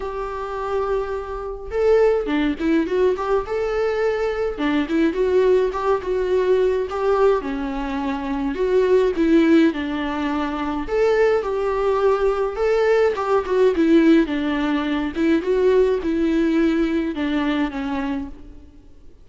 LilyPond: \new Staff \with { instrumentName = "viola" } { \time 4/4 \tempo 4 = 105 g'2. a'4 | d'8 e'8 fis'8 g'8 a'2 | d'8 e'8 fis'4 g'8 fis'4. | g'4 cis'2 fis'4 |
e'4 d'2 a'4 | g'2 a'4 g'8 fis'8 | e'4 d'4. e'8 fis'4 | e'2 d'4 cis'4 | }